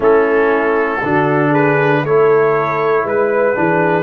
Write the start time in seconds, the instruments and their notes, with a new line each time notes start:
0.00 tuba A3, trombone C#4, horn E4, trumpet A4
1.03 tuba D3, trombone D4, horn F#4
1.49 horn G#4, trumpet B4
2.02 tuba A3, trombone E4, horn A4, trumpet C#5
3.04 tuba G#3, horn B4, trumpet B4
3.55 tuba E3, trombone D4, horn G#4